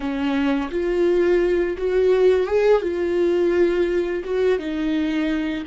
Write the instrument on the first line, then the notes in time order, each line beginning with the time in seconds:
viola
0.00 C#4
0.71 F4
1.77 F#4
2.46 G#4
2.82 F4
4.24 F#4
4.58 D#4